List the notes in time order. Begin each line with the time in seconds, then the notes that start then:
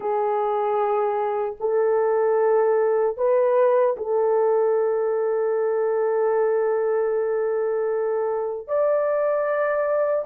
0.00 G#4
1.60 A4
3.17 B4
3.96 A4
8.67 D5